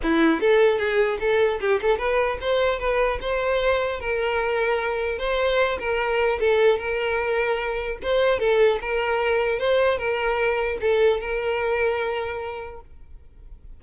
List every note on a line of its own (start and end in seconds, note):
0.02 0.40 E4
0.40 0.78 A4
0.78 1.18 G#4
1.19 1.59 A4
1.60 1.80 G4
1.81 1.98 A4
1.98 2.38 B4
2.41 2.79 C5
2.79 3.19 B4
3.21 4.00 C5
4.00 5.18 A#4
5.18 5.78 C5
5.79 6.39 A#4
6.40 6.78 A4
6.78 7.98 A#4
8.02 8.39 C5
8.39 8.79 A4
8.81 9.59 A#4
9.59 9.98 C5
9.98 10.78 A#4
10.81 11.20 A4
11.20 12.80 A#4